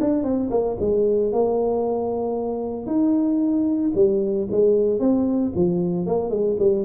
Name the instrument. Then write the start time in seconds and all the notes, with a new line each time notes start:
tuba
0.00 D4
0.23 C4
0.50 A#3
0.80 G#3
1.32 A#3
2.86 D#4
3.94 G3
4.50 G#3
4.99 C4
5.55 F3
6.06 A#3
6.30 G#3
6.59 G3